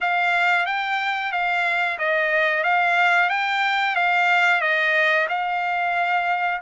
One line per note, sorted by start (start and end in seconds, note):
0.01 0.66 F5
0.66 1.32 G5
1.32 1.98 F5
1.98 2.63 D#5
2.63 3.29 F5
3.29 3.95 G5
3.95 4.61 F5
4.61 5.27 D#5
5.28 6.60 F5